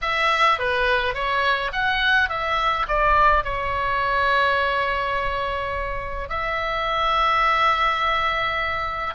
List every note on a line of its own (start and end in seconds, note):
0.01 0.58 E5
0.58 1.14 B4
1.14 1.71 C#5
1.72 2.29 F#5
2.29 2.86 E5
2.88 3.43 D5
3.43 6.29 C#5
6.29 9.14 E5